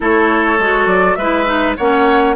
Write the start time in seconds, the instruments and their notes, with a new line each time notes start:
0.00 bassoon A3, clarinet E4, oboe A4, flute C#5
0.58 bassoon G#3, clarinet F#4
0.86 bassoon F#3, flute D5
1.15 bassoon G#3, clarinet E4, oboe B4, flute E5
1.45 clarinet D#4
1.76 bassoon A#3, clarinet C#4, oboe C#5, flute F#5